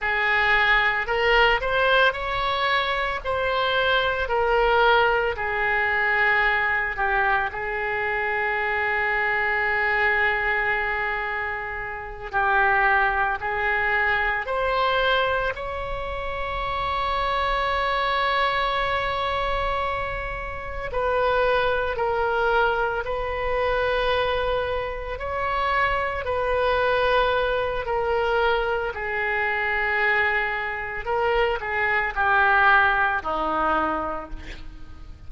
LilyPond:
\new Staff \with { instrumentName = "oboe" } { \time 4/4 \tempo 4 = 56 gis'4 ais'8 c''8 cis''4 c''4 | ais'4 gis'4. g'8 gis'4~ | gis'2.~ gis'8 g'8~ | g'8 gis'4 c''4 cis''4.~ |
cis''2.~ cis''8 b'8~ | b'8 ais'4 b'2 cis''8~ | cis''8 b'4. ais'4 gis'4~ | gis'4 ais'8 gis'8 g'4 dis'4 | }